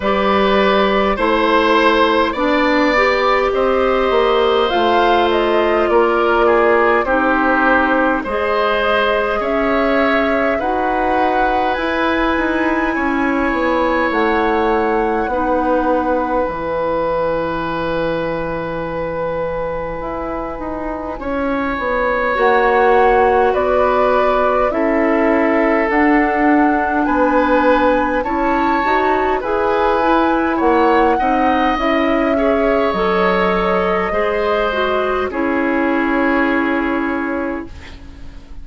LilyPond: <<
  \new Staff \with { instrumentName = "flute" } { \time 4/4 \tempo 4 = 51 d''4 c''4 d''4 dis''4 | f''8 dis''8 d''4 c''4 dis''4 | e''4 fis''4 gis''2 | fis''2 gis''2~ |
gis''2. fis''4 | d''4 e''4 fis''4 gis''4 | a''4 gis''4 fis''4 e''4 | dis''2 cis''2 | }
  \new Staff \with { instrumentName = "oboe" } { \time 4/4 b'4 c''4 d''4 c''4~ | c''4 ais'8 gis'8 g'4 c''4 | cis''4 b'2 cis''4~ | cis''4 b'2.~ |
b'2 cis''2 | b'4 a'2 b'4 | cis''4 b'4 cis''8 dis''4 cis''8~ | cis''4 c''4 gis'2 | }
  \new Staff \with { instrumentName = "clarinet" } { \time 4/4 g'4 e'4 d'8 g'4. | f'2 dis'4 gis'4~ | gis'4 fis'4 e'2~ | e'4 dis'4 e'2~ |
e'2. fis'4~ | fis'4 e'4 d'2 | e'8 fis'8 gis'8 e'4 dis'8 e'8 gis'8 | a'4 gis'8 fis'8 e'2 | }
  \new Staff \with { instrumentName = "bassoon" } { \time 4/4 g4 a4 b4 c'8 ais8 | a4 ais4 c'4 gis4 | cis'4 dis'4 e'8 dis'8 cis'8 b8 | a4 b4 e2~ |
e4 e'8 dis'8 cis'8 b8 ais4 | b4 cis'4 d'4 b4 | cis'8 dis'8 e'4 ais8 c'8 cis'4 | fis4 gis4 cis'2 | }
>>